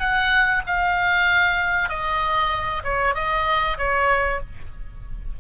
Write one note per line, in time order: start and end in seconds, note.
0.00 0.62 F#5
0.66 1.89 F5
1.89 2.83 D#5
2.84 3.15 C#5
3.15 3.77 D#5
3.78 4.40 C#5